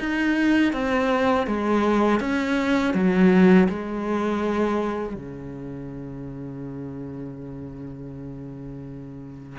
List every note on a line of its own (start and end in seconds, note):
0.00 0.73 D#4
0.73 1.47 C4
1.47 2.20 G#3
2.20 2.94 C#4
2.94 3.68 F#3
3.69 5.15 G#3
5.15 9.59 C#3